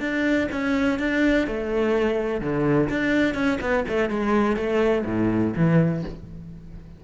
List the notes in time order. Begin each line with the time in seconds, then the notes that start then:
0.00 D4
0.52 C#4
0.99 D4
1.47 A3
2.41 D3
2.90 D4
3.34 C#4
3.61 B3
3.89 A3
4.10 G#3
4.56 A3
5.06 A2
5.56 E3